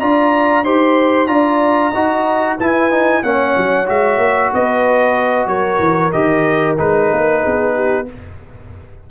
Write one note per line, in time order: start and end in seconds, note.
0.00 0.65 D4
0.00 0.65 F4
0.00 0.65 D5
0.00 0.65 A#5
0.65 1.29 D#4
0.65 1.28 G4
0.65 1.28 C5
0.65 1.28 C6
1.28 1.93 D4
1.28 1.92 F4
1.28 1.91 D5
1.28 2.57 A#5
1.91 2.59 D#4
1.91 2.59 F#4
1.91 2.56 D#5
2.57 3.24 E4
2.57 2.91 E4
2.57 3.22 B4
2.57 3.24 G#5
2.91 3.23 D#4
3.24 3.56 A#3
3.24 3.86 C#4
3.24 4.54 C#5
3.24 3.88 F#5
3.57 3.89 F#3
3.86 4.18 G#3
3.86 6.12 F#4
3.86 4.54 E5
4.18 4.50 A#3
4.54 5.47 B3
4.54 5.49 B4
4.54 5.48 D#5
5.47 5.79 F#3
5.47 7.43 A#4
5.47 6.12 C#5
5.80 6.12 E3
6.12 6.79 D#3
6.12 6.78 G4
6.12 6.77 D#5
6.78 7.12 G#3
6.78 8.07 D#4
6.78 8.08 B4
7.13 7.45 A#3
7.43 8.11 B3
7.43 7.75 G#4
7.75 8.07 G4